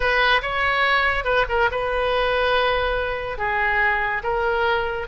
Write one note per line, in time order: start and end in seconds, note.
0.00 0.41 B4
0.42 1.24 C#5
1.24 1.45 B4
1.49 1.70 A#4
1.71 3.37 B4
3.37 4.22 G#4
4.23 5.07 A#4